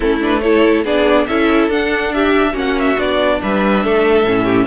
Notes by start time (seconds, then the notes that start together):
0.00 A3 C#4 E4 A4
0.20 D4 B4
0.41 E4 A4 C#5
0.84 B3 D4 G#4 D5
1.26 C#4 E4 A4 E5
1.67 D4 F#5
2.13 G4 E5
2.53 A#3 C#4 F#4 F#5
2.79 E5
2.96 B3 D4 D5
3.42 G3 B4 E5
3.83 A3 A4
4.24 A2 C#4
4.44 G4